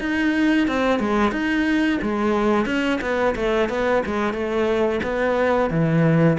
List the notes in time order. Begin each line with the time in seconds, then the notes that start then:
0.00 D#4
0.67 C4
0.99 G#3
1.32 D#4
2.02 G#3
2.66 C#4
3.01 B3
3.36 A3
3.69 B3
4.06 G#3
4.33 A3
5.03 B3
5.70 E3